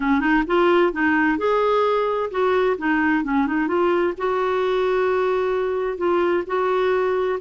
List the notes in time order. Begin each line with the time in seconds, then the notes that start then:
0.00 C#4
0.20 D#4
0.46 F4
0.92 D#4
1.37 G#4
2.30 F#4
2.78 D#4
3.23 C#4
3.47 D#4
3.67 F4
4.17 F#4
5.97 F4
6.46 F#4